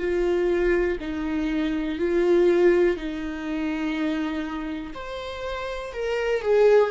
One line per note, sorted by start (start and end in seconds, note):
0.00 0.98 F4
1.01 1.99 D#4
1.99 2.97 F4
2.97 4.94 D#4
4.95 5.93 C5
5.94 6.42 A#4
6.42 6.91 G#4